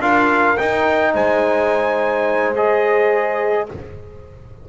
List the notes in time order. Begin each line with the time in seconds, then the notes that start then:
0.00 D4 F4 A#4 F5
0.57 D#4 G5
1.13 G#3 C5 G#5
2.55 G#4 D#5